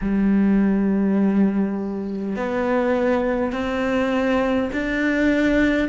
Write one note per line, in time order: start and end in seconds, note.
0.01 2.35 G3
2.35 3.52 B3
3.52 4.70 C4
4.73 5.88 D4